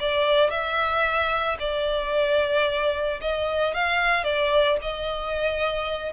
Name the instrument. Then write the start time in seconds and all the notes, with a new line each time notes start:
violin
0.00 D5
0.50 E5
1.60 D5
3.21 D#5
3.74 F5
4.24 D5
4.82 D#5